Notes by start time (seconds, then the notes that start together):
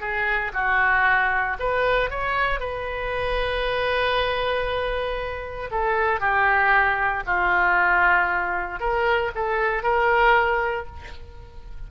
0.00 G#4
0.54 F#4
1.59 B4
2.10 C#5
2.60 B4
5.71 A4
6.20 G4
7.26 F4
8.80 A#4
9.35 A4
9.83 A#4